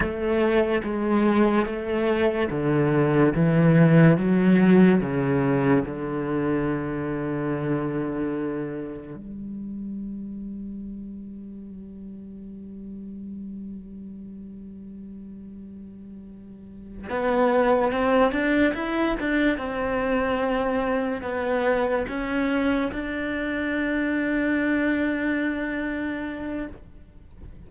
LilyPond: \new Staff \with { instrumentName = "cello" } { \time 4/4 \tempo 4 = 72 a4 gis4 a4 d4 | e4 fis4 cis4 d4~ | d2. g4~ | g1~ |
g1~ | g8 b4 c'8 d'8 e'8 d'8 c'8~ | c'4. b4 cis'4 d'8~ | d'1 | }